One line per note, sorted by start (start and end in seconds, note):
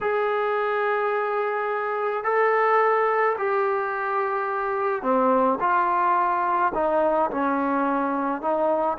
0.00 2.24 G#4
2.24 3.36 A4
3.37 5.02 G4
5.02 5.58 C4
5.60 6.72 F4
6.74 7.30 D#4
7.30 8.41 C#4
8.41 8.97 D#4